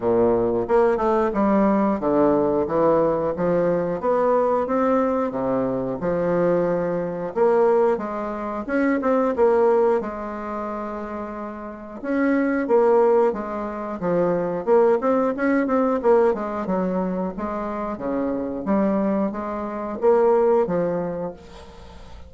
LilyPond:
\new Staff \with { instrumentName = "bassoon" } { \time 4/4 \tempo 4 = 90 ais,4 ais8 a8 g4 d4 | e4 f4 b4 c'4 | c4 f2 ais4 | gis4 cis'8 c'8 ais4 gis4~ |
gis2 cis'4 ais4 | gis4 f4 ais8 c'8 cis'8 c'8 | ais8 gis8 fis4 gis4 cis4 | g4 gis4 ais4 f4 | }